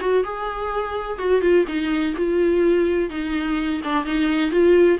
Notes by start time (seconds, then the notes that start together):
0.00 F#4
0.24 G#4
1.18 F#4
1.41 F4
1.67 D#4
2.17 F4
3.10 D#4
3.84 D4
4.05 D#4
4.51 F4